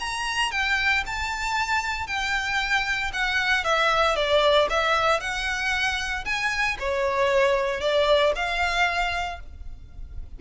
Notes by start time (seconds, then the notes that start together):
0.00 A#5
0.52 G5
1.06 A5
2.07 G5
3.13 F#5
3.65 E5
4.16 D5
4.70 E5
5.20 F#5
6.25 G#5
6.80 C#5
7.81 D5
8.35 F5